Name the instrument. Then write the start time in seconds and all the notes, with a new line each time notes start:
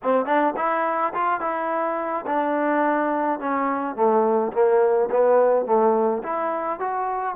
trombone
0.02 C4
0.25 D4
0.56 E4
1.13 F4
1.40 E4
2.26 D4
3.39 C#4
3.95 A3
4.52 A#3
5.10 B3
5.65 A3
6.23 E4
6.79 F#4